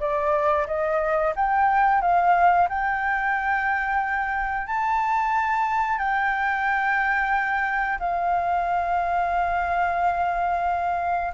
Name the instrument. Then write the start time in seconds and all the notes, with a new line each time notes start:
flute
0.00 D5
0.67 D#5
1.36 G5
2.02 F5
2.69 G5
4.67 A5
5.98 G5
7.99 F5